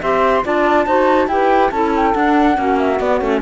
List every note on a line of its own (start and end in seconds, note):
0.00 0.45 C4
0.00 0.44 G4
0.00 0.43 E5
0.00 0.45 C6
0.44 0.86 D4
0.44 0.86 F4
0.44 0.86 D5
0.44 1.28 A5
0.86 1.28 D#4
0.86 1.29 F#4
0.86 1.28 C5
1.28 1.70 E4
1.28 1.72 G4
1.28 1.71 B4
1.28 1.70 G5
1.71 2.14 C#4
1.71 2.14 E4
1.71 2.56 A4
1.71 1.92 A5
1.96 2.14 G5
2.14 2.53 D4
2.14 2.57 D4
2.14 2.78 F#5
2.53 3.00 A#3
2.53 2.96 C#4
2.53 3.41 F#4
2.78 2.99 E5
3.00 3.21 B3
3.00 3.18 D5
3.18 3.41 A3
3.18 3.41 C#4
3.18 3.39 C#5